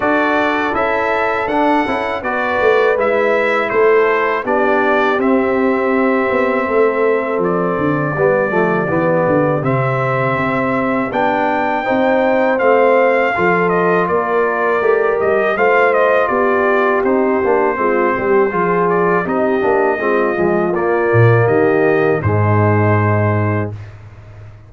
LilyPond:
<<
  \new Staff \with { instrumentName = "trumpet" } { \time 4/4 \tempo 4 = 81 d''4 e''4 fis''4 d''4 | e''4 c''4 d''4 e''4~ | e''2 d''2~ | d''4 e''2 g''4~ |
g''4 f''4. dis''8 d''4~ | d''8 dis''8 f''8 dis''8 d''4 c''4~ | c''4. d''8 dis''2 | d''4 dis''4 c''2 | }
  \new Staff \with { instrumentName = "horn" } { \time 4/4 a'2. b'4~ | b'4 a'4 g'2~ | g'4 a'2 g'4~ | g'1 |
c''2 a'4 ais'4~ | ais'4 c''4 g'2 | f'8 g'8 gis'4 g'4 f'4~ | f'4 g'4 dis'2 | }
  \new Staff \with { instrumentName = "trombone" } { \time 4/4 fis'4 e'4 d'8 e'8 fis'4 | e'2 d'4 c'4~ | c'2. b8 a8 | b4 c'2 d'4 |
dis'4 c'4 f'2 | g'4 f'2 dis'8 d'8 | c'4 f'4 dis'8 d'8 c'8 gis8 | ais2 gis2 | }
  \new Staff \with { instrumentName = "tuba" } { \time 4/4 d'4 cis'4 d'8 cis'8 b8 a8 | gis4 a4 b4 c'4~ | c'8 b8 a4 f8 d8 g8 f8 | e8 d8 c4 c'4 b4 |
c'4 a4 f4 ais4 | a8 g8 a4 b4 c'8 ais8 | gis8 g8 f4 c'8 ais8 gis8 f8 | ais8 ais,8 dis4 gis,2 | }
>>